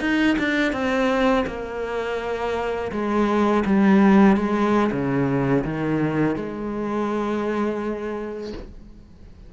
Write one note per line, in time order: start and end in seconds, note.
0.00 0.36 D#4
0.38 0.72 D4
0.72 1.45 C4
1.46 2.91 A#3
2.91 3.64 G#3
3.65 4.36 G3
4.36 4.91 G#3
4.91 5.63 C#3
5.64 6.35 D#3
6.35 8.52 G#3